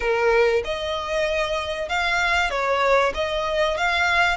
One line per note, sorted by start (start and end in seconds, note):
0.00 0.62 A#4
0.64 1.89 D#5
1.89 2.50 F5
2.50 3.12 C#5
3.14 3.77 D#5
3.77 4.37 F5